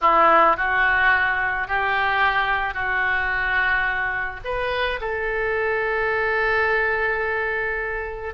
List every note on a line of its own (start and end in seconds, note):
0.01 0.57 E4
0.57 1.67 F#4
1.67 2.73 G4
2.73 4.40 F#4
4.44 4.99 B4
5.01 8.34 A4